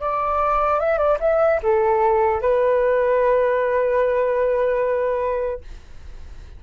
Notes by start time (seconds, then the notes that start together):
0.00 D5
0.79 E5
0.97 D5
1.20 E5
1.62 A4
2.41 B4